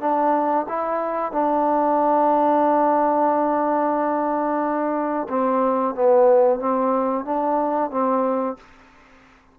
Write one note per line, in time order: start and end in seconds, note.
0.00 0.66 D4
0.68 1.32 E4
1.32 5.27 D4
5.28 5.94 C4
5.95 6.59 B3
6.59 7.24 C4
7.24 7.90 D4
7.91 8.57 C4